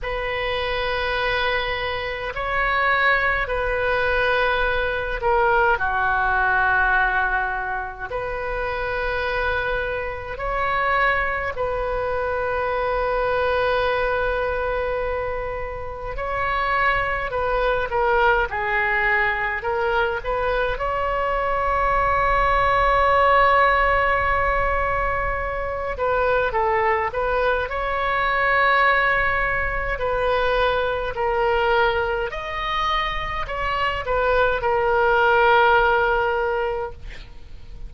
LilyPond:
\new Staff \with { instrumentName = "oboe" } { \time 4/4 \tempo 4 = 52 b'2 cis''4 b'4~ | b'8 ais'8 fis'2 b'4~ | b'4 cis''4 b'2~ | b'2 cis''4 b'8 ais'8 |
gis'4 ais'8 b'8 cis''2~ | cis''2~ cis''8 b'8 a'8 b'8 | cis''2 b'4 ais'4 | dis''4 cis''8 b'8 ais'2 | }